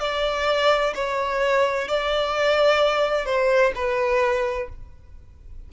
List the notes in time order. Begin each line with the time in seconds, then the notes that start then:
0.00 D5
0.95 C#5
1.88 D5
3.26 C5
3.75 B4